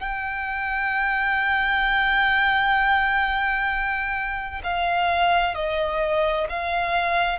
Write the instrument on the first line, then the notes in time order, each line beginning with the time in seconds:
violin
0.00 G5
4.64 F5
5.55 D#5
6.49 F5